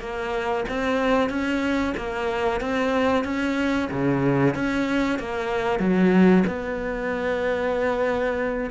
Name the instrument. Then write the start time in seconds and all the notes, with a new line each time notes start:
cello
0.00 A#3
0.69 C4
1.30 C#4
1.97 A#3
2.61 C4
3.24 C#4
3.92 C#3
4.55 C#4
5.19 A#3
5.80 F#3
6.47 B3